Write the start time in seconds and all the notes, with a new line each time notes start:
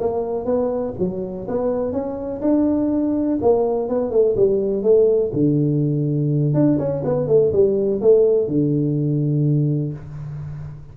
0.00 A#3
0.46 B3
0.99 F#3
1.48 B3
1.93 C#4
2.42 D4
3.42 A#3
3.89 B3
4.11 A3
4.37 G3
4.83 A3
5.33 D3
6.54 D4
6.79 C#4
7.05 B3
7.28 A3
7.53 G3
8.01 A3
8.48 D3